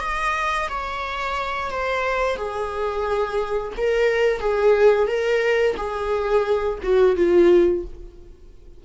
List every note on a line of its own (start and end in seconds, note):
0.00 0.68 D#5
0.69 1.70 C#5
1.70 2.36 C5
2.36 3.73 G#4
3.77 4.40 A#4
4.40 5.07 G#4
5.07 5.75 A#4
5.76 6.79 G#4
6.83 7.16 F#4
7.16 7.84 F4